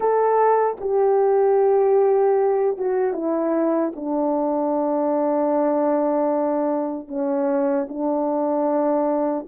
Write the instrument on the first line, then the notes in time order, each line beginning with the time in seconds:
horn
0.00 A4
0.80 G4
2.77 F#4
3.13 E4
3.95 D4
7.08 C#4
7.88 D4